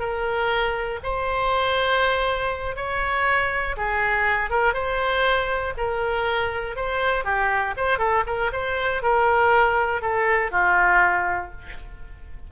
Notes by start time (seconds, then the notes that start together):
0.00 A#4
1.04 C5
2.76 C#5
3.77 G#4
4.50 A#4
4.74 C5
5.78 A#4
6.76 C5
7.25 G4
7.77 C5
7.99 A4
8.27 A#4
8.53 C5
9.03 A#4
10.02 A4
10.52 F4